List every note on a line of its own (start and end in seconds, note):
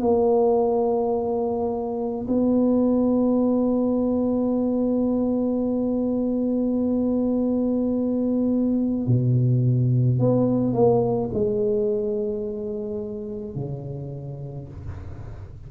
0.00 2.26 A#3
2.27 9.07 B3
9.07 10.19 B2
10.19 10.73 B3
10.73 11.30 A#3
11.33 13.55 G#3
13.55 14.68 C#3